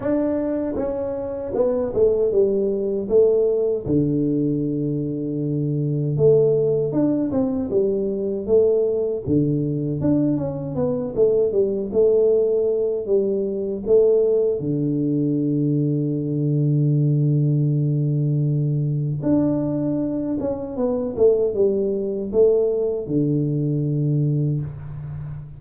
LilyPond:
\new Staff \with { instrumentName = "tuba" } { \time 4/4 \tempo 4 = 78 d'4 cis'4 b8 a8 g4 | a4 d2. | a4 d'8 c'8 g4 a4 | d4 d'8 cis'8 b8 a8 g8 a8~ |
a4 g4 a4 d4~ | d1~ | d4 d'4. cis'8 b8 a8 | g4 a4 d2 | }